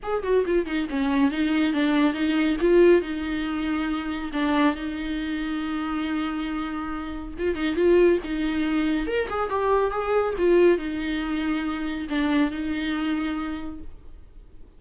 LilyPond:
\new Staff \with { instrumentName = "viola" } { \time 4/4 \tempo 4 = 139 gis'8 fis'8 f'8 dis'8 cis'4 dis'4 | d'4 dis'4 f'4 dis'4~ | dis'2 d'4 dis'4~ | dis'1~ |
dis'4 f'8 dis'8 f'4 dis'4~ | dis'4 ais'8 gis'8 g'4 gis'4 | f'4 dis'2. | d'4 dis'2. | }